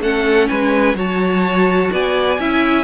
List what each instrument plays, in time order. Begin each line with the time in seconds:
0.00 cello A3, viola C#4, violin A4 F#5
0.48 cello G#3, violin B4 G#5
0.95 cello F#3, viola F#4, violin C#5 A5
1.92 cello B3, violin D5 G#5
2.39 cello C#4, viola E4, violin E5